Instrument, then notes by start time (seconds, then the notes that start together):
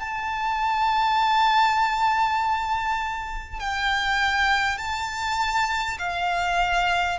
violin
0.00 A5
3.59 G5
4.78 A5
5.98 F5